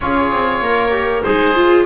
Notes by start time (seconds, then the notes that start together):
0.00 C#4 F4 G#4 C#5
0.31 C4
0.60 A#3 A#4
0.90 G4
1.22 G#3 D#4 G#4 C5
1.55 F4